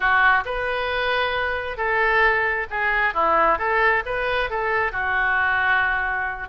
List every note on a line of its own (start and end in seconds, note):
0.00 0.44 F#4
0.45 1.77 B4
1.77 2.66 A4
2.70 3.14 G#4
3.14 3.58 E4
3.58 4.03 A4
4.05 4.49 B4
4.49 4.91 A4
4.91 6.48 F#4